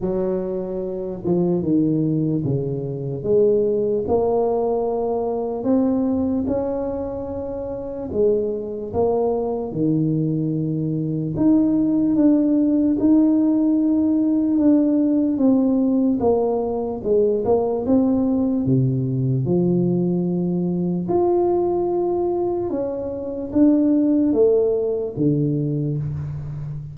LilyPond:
\new Staff \with { instrumentName = "tuba" } { \time 4/4 \tempo 4 = 74 fis4. f8 dis4 cis4 | gis4 ais2 c'4 | cis'2 gis4 ais4 | dis2 dis'4 d'4 |
dis'2 d'4 c'4 | ais4 gis8 ais8 c'4 c4 | f2 f'2 | cis'4 d'4 a4 d4 | }